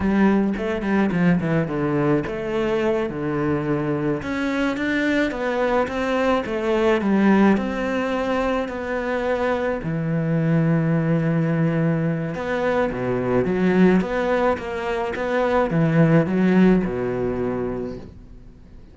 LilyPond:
\new Staff \with { instrumentName = "cello" } { \time 4/4 \tempo 4 = 107 g4 a8 g8 f8 e8 d4 | a4. d2 cis'8~ | cis'8 d'4 b4 c'4 a8~ | a8 g4 c'2 b8~ |
b4. e2~ e8~ | e2 b4 b,4 | fis4 b4 ais4 b4 | e4 fis4 b,2 | }